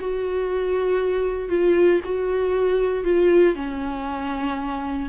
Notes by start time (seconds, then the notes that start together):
0.00 F#4
1.49 F4
2.04 F#4
3.04 F4
3.55 C#4